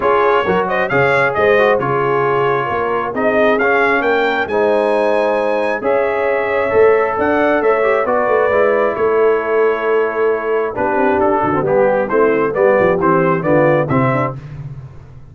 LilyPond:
<<
  \new Staff \with { instrumentName = "trumpet" } { \time 4/4 \tempo 4 = 134 cis''4. dis''8 f''4 dis''4 | cis''2. dis''4 | f''4 g''4 gis''2~ | gis''4 e''2. |
fis''4 e''4 d''2 | cis''1 | b'4 a'4 g'4 c''4 | d''4 c''4 d''4 e''4 | }
  \new Staff \with { instrumentName = "horn" } { \time 4/4 gis'4 ais'8 c''8 cis''4 c''4 | gis'2 ais'4 gis'4~ | gis'4 ais'4 c''2~ | c''4 cis''2. |
d''4 cis''4 b'2 | a'1 | g'4. fis'8 g'4 e'4 | g'2 f'4 e'8 d'8 | }
  \new Staff \with { instrumentName = "trombone" } { \time 4/4 f'4 fis'4 gis'4. fis'8 | f'2. dis'4 | cis'2 dis'2~ | dis'4 gis'2 a'4~ |
a'4. g'8 fis'4 e'4~ | e'1 | d'4.~ d'16 c'16 b4 c'4 | b4 c'4 b4 c'4 | }
  \new Staff \with { instrumentName = "tuba" } { \time 4/4 cis'4 fis4 cis4 gis4 | cis2 ais4 c'4 | cis'4 ais4 gis2~ | gis4 cis'2 a4 |
d'4 a4 b8 a8 gis4 | a1 | b8 c'8 d'8 d8 g4 a4 | g8 f8 e4 d4 c4 | }
>>